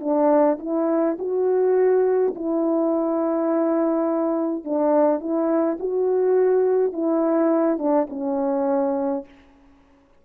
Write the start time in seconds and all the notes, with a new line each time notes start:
0.00 D4
0.59 E4
1.19 F#4
2.35 E4
4.64 D4
5.20 E4
5.80 F#4
6.93 E4
7.78 D4
8.09 C#4